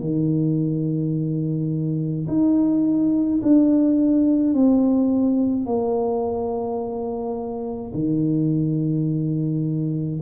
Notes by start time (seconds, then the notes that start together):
0.00 D#3
2.27 D#4
3.42 D4
4.53 C4
5.66 A#3
7.93 D#3